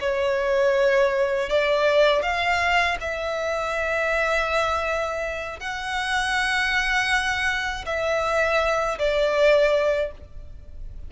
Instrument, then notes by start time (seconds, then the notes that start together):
violin
0.00 C#5
1.49 D5
2.22 F5
3.00 E5
5.60 F#5
7.85 E5
8.99 D5